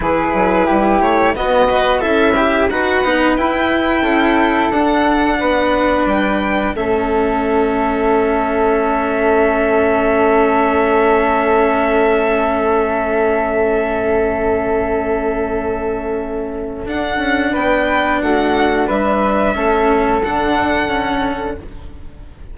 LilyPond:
<<
  \new Staff \with { instrumentName = "violin" } { \time 4/4 \tempo 4 = 89 b'4. cis''8 dis''4 e''4 | fis''4 g''2 fis''4~ | fis''4 g''4 e''2~ | e''1~ |
e''1~ | e''1~ | e''4 fis''4 g''4 fis''4 | e''2 fis''2 | }
  \new Staff \with { instrumentName = "flute" } { \time 4/4 gis'4 g'4 fis'4 e'4 | b'2 a'2 | b'2 a'2~ | a'1~ |
a'1~ | a'1~ | a'2 b'4 fis'4 | b'4 a'2. | }
  \new Staff \with { instrumentName = "cello" } { \time 4/4 e'2 b8 b'8 a'8 g'8 | fis'8 dis'8 e'2 d'4~ | d'2 cis'2~ | cis'1~ |
cis'1~ | cis'1~ | cis'4 d'2.~ | d'4 cis'4 d'4 cis'4 | }
  \new Staff \with { instrumentName = "bassoon" } { \time 4/4 e8 fis8 g8 a8 b4 cis'4 | dis'8 b8 e'4 cis'4 d'4 | b4 g4 a2~ | a1~ |
a1~ | a1~ | a4 d'8 cis'8 b4 a4 | g4 a4 d2 | }
>>